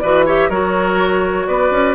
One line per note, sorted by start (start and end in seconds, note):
0.00 0.49 E3
0.00 0.27 F#4
0.00 0.26 B4
0.00 0.24 D5
0.26 0.52 G4
0.26 0.50 C#5
0.26 0.50 E5
0.49 1.47 F#3
0.49 1.96 F#4
0.49 1.47 A#4
0.49 1.47 C#5
1.47 1.71 B3
1.47 1.96 B4
1.47 1.96 D5
1.71 1.96 C#4